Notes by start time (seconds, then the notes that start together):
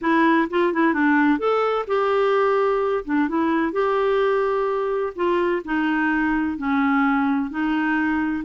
0.01 E4
0.49 F4
0.73 E4
0.93 D4
1.38 A4
1.87 G4
3.04 D4
3.28 E4
3.72 G4
5.15 F4
5.64 D#4
6.57 C#4
7.50 D#4